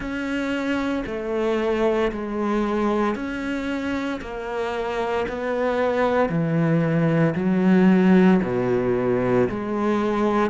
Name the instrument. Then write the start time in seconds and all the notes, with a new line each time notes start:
cello
0.00 C#4
1.06 A3
2.11 G#3
3.15 C#4
4.21 A#3
5.28 B3
6.29 E3
7.35 F#3
8.43 B2
9.49 G#3